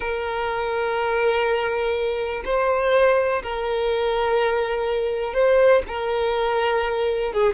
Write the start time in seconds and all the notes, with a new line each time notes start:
0.00 A#4
2.44 C5
3.42 A#4
5.33 C5
5.87 A#4
7.32 G#4